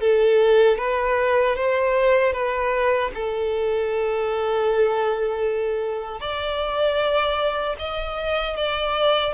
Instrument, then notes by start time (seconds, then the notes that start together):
violin
0.00 A4
0.78 B4
1.55 C5
2.32 B4
3.14 A4
6.20 D5
7.79 D#5
8.56 D5